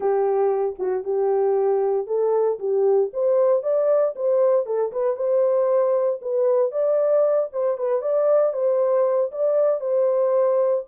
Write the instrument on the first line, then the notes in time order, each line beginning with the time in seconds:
horn
0.00 G4
0.78 F#4
1.04 G4
2.07 A4
2.59 G4
3.13 C5
3.62 D5
4.15 C5
4.66 A4
4.92 B4
5.16 C5
6.21 B4
6.71 D5
7.52 C5
7.77 B4
8.01 D5
8.53 C5
9.31 D5
9.80 C5